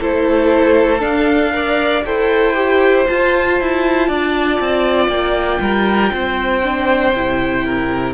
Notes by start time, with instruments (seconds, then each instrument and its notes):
0.00 cello A3, viola E4, violin A4 C5
1.00 viola D4, cello D4, violin F5
1.52 viola A#4, violin D5
2.05 cello E4, viola A4, violin C5 G5
2.54 viola G4
3.07 viola F4, cello F4, violin A5
3.61 cello E4
4.08 cello D4, violin D5
4.60 cello C4
5.08 cello A#3, violin G5
5.60 cello G3, violin A#4
6.13 cello C4, violin C5
6.63 viola D4
7.14 cello C3, viola E4
7.65 violin A#4